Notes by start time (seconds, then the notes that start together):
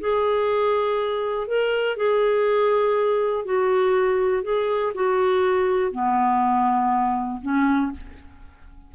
0.00 G#4
1.47 A#4
1.97 G#4
3.45 F#4
4.43 G#4
4.94 F#4
5.91 B3
7.42 C#4